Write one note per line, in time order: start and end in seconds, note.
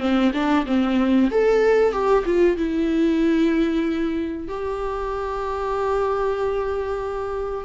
0.00 0.32 C4
0.34 0.66 D4
0.66 1.30 C4
1.31 1.92 A4
1.92 2.24 G4
2.25 2.57 F4
2.57 4.48 E4
4.48 7.65 G4